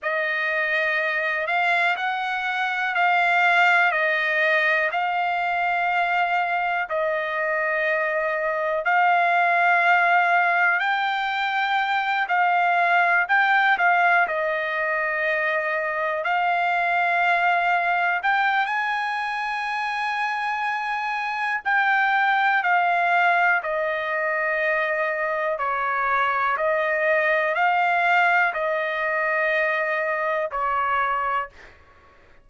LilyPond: \new Staff \with { instrumentName = "trumpet" } { \time 4/4 \tempo 4 = 61 dis''4. f''8 fis''4 f''4 | dis''4 f''2 dis''4~ | dis''4 f''2 g''4~ | g''8 f''4 g''8 f''8 dis''4.~ |
dis''8 f''2 g''8 gis''4~ | gis''2 g''4 f''4 | dis''2 cis''4 dis''4 | f''4 dis''2 cis''4 | }